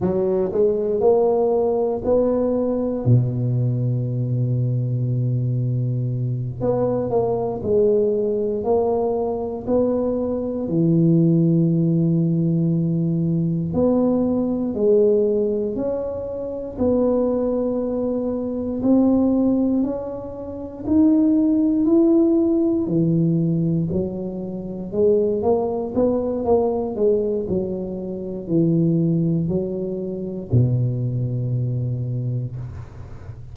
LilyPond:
\new Staff \with { instrumentName = "tuba" } { \time 4/4 \tempo 4 = 59 fis8 gis8 ais4 b4 b,4~ | b,2~ b,8 b8 ais8 gis8~ | gis8 ais4 b4 e4.~ | e4. b4 gis4 cis'8~ |
cis'8 b2 c'4 cis'8~ | cis'8 dis'4 e'4 e4 fis8~ | fis8 gis8 ais8 b8 ais8 gis8 fis4 | e4 fis4 b,2 | }